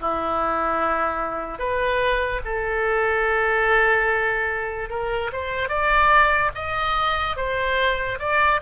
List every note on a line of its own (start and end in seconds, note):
0.00 1.58 E4
1.58 2.41 B4
2.45 4.89 A4
4.89 5.30 A#4
5.32 5.68 C5
5.68 6.50 D5
6.55 7.36 D#5
7.36 8.18 C5
8.19 8.60 D5